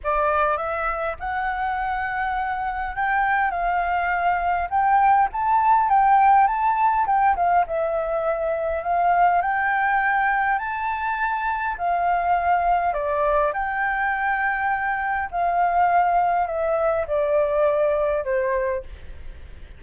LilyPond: \new Staff \with { instrumentName = "flute" } { \time 4/4 \tempo 4 = 102 d''4 e''4 fis''2~ | fis''4 g''4 f''2 | g''4 a''4 g''4 a''4 | g''8 f''8 e''2 f''4 |
g''2 a''2 | f''2 d''4 g''4~ | g''2 f''2 | e''4 d''2 c''4 | }